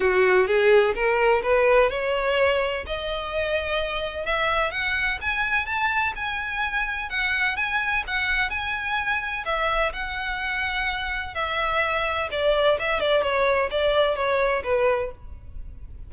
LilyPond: \new Staff \with { instrumentName = "violin" } { \time 4/4 \tempo 4 = 127 fis'4 gis'4 ais'4 b'4 | cis''2 dis''2~ | dis''4 e''4 fis''4 gis''4 | a''4 gis''2 fis''4 |
gis''4 fis''4 gis''2 | e''4 fis''2. | e''2 d''4 e''8 d''8 | cis''4 d''4 cis''4 b'4 | }